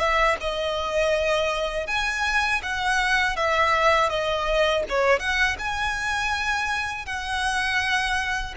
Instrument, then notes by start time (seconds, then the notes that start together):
violin
0.00 E5
0.41 D#5
1.88 G#5
2.63 F#5
3.37 E5
4.10 D#5
4.89 C#5
5.20 F#5
5.59 G#5
7.06 F#5